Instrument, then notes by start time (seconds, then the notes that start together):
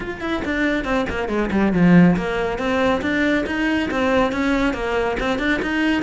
cello
0.00 F4
0.20 E4
0.44 D4
0.84 C4
1.09 A#3
1.28 G#3
1.51 G3
1.73 F3
2.16 A#3
2.58 C4
3.01 D4
3.46 D#4
3.91 C4
4.32 C#4
4.73 A#3
5.19 C4
5.39 D4
5.61 D#4